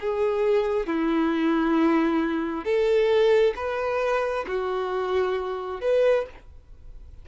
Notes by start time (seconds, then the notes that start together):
0.00 G#4
0.86 E4
2.64 A4
3.56 B4
4.47 F#4
5.81 B4